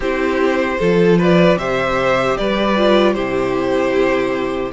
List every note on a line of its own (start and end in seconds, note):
0.00 0.78 C4
0.00 0.81 E4
0.00 0.77 G4
0.00 1.20 C5
0.78 1.56 F3
0.78 1.58 F4
0.78 1.18 A4
1.18 1.58 B4
1.18 1.58 D5
1.56 2.35 C3
1.56 2.76 G4
1.56 2.37 C5
1.56 2.37 E5
2.37 3.16 G3
2.37 3.14 B4
2.37 3.13 D5
2.76 3.15 F4
3.13 4.73 C3
3.13 4.73 E4
3.13 4.72 G4
3.13 4.71 C5